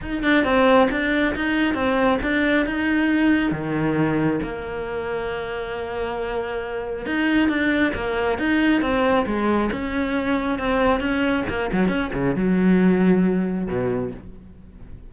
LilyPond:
\new Staff \with { instrumentName = "cello" } { \time 4/4 \tempo 4 = 136 dis'8 d'8 c'4 d'4 dis'4 | c'4 d'4 dis'2 | dis2 ais2~ | ais1 |
dis'4 d'4 ais4 dis'4 | c'4 gis4 cis'2 | c'4 cis'4 ais8 fis8 cis'8 cis8 | fis2. b,4 | }